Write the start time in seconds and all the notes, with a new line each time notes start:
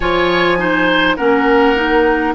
0.00 F3 F4 C#5 G#5
0.58 D#4 C5
1.16 A#3 C#4 A#4 F#5
1.75 D#4